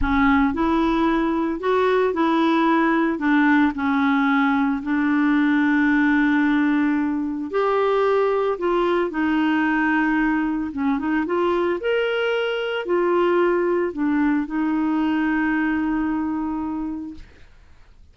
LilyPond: \new Staff \with { instrumentName = "clarinet" } { \time 4/4 \tempo 4 = 112 cis'4 e'2 fis'4 | e'2 d'4 cis'4~ | cis'4 d'2.~ | d'2 g'2 |
f'4 dis'2. | cis'8 dis'8 f'4 ais'2 | f'2 d'4 dis'4~ | dis'1 | }